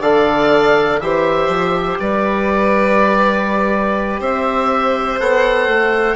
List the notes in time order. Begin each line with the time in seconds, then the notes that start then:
0.00 D3 A4 D5 F5
1.00 E3 G4 C5 E5
1.48 F3
1.99 G3 B4 D5
4.20 C4 C5 E5
5.19 B3 A4 F#5
5.67 A3